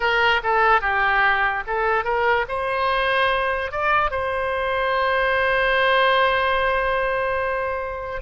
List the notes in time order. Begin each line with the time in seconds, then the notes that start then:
0.00 A#4
0.43 A4
0.81 G4
1.67 A4
2.04 A#4
2.48 C5
3.71 D5
4.11 C5